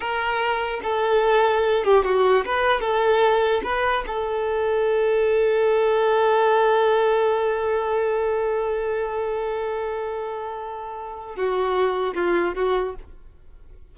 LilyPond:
\new Staff \with { instrumentName = "violin" } { \time 4/4 \tempo 4 = 148 ais'2 a'2~ | a'8 g'8 fis'4 b'4 a'4~ | a'4 b'4 a'2~ | a'1~ |
a'1~ | a'1~ | a'1 | fis'2 f'4 fis'4 | }